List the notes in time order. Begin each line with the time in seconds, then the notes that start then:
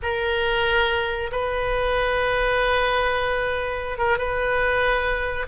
0.02 A#4
1.31 B4
3.98 A#4
4.18 B4